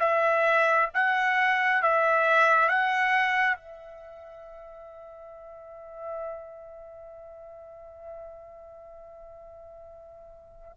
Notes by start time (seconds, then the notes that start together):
0.00 E5
0.94 F#5
1.83 E5
2.69 F#5
3.56 E5